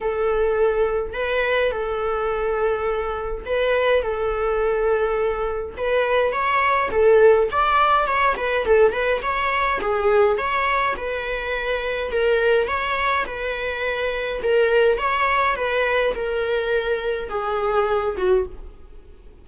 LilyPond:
\new Staff \with { instrumentName = "viola" } { \time 4/4 \tempo 4 = 104 a'2 b'4 a'4~ | a'2 b'4 a'4~ | a'2 b'4 cis''4 | a'4 d''4 cis''8 b'8 a'8 b'8 |
cis''4 gis'4 cis''4 b'4~ | b'4 ais'4 cis''4 b'4~ | b'4 ais'4 cis''4 b'4 | ais'2 gis'4. fis'8 | }